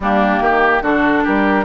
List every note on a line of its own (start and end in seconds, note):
0.00 0.40 G3
0.00 0.83 A#3
0.00 0.42 D4
0.00 0.84 G4
0.40 0.81 D#3
0.40 0.82 G4
0.81 1.23 D3
0.81 1.65 D4
0.81 1.23 F#4
0.81 1.25 A4
1.23 1.65 G3
1.23 1.65 G4
1.23 1.65 A#4